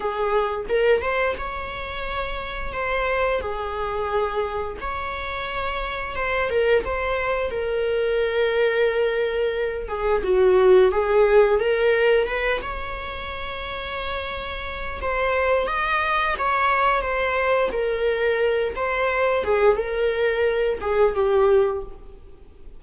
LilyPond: \new Staff \with { instrumentName = "viola" } { \time 4/4 \tempo 4 = 88 gis'4 ais'8 c''8 cis''2 | c''4 gis'2 cis''4~ | cis''4 c''8 ais'8 c''4 ais'4~ | ais'2~ ais'8 gis'8 fis'4 |
gis'4 ais'4 b'8 cis''4.~ | cis''2 c''4 dis''4 | cis''4 c''4 ais'4. c''8~ | c''8 gis'8 ais'4. gis'8 g'4 | }